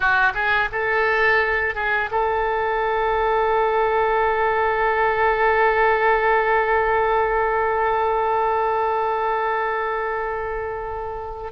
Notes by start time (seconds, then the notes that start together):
0.00 F#4
0.34 G#4
0.72 A4
1.74 G#4
2.11 A4